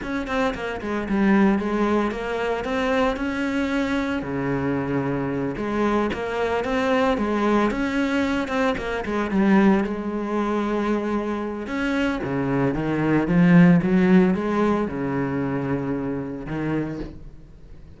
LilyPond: \new Staff \with { instrumentName = "cello" } { \time 4/4 \tempo 4 = 113 cis'8 c'8 ais8 gis8 g4 gis4 | ais4 c'4 cis'2 | cis2~ cis8 gis4 ais8~ | ais8 c'4 gis4 cis'4. |
c'8 ais8 gis8 g4 gis4.~ | gis2 cis'4 cis4 | dis4 f4 fis4 gis4 | cis2. dis4 | }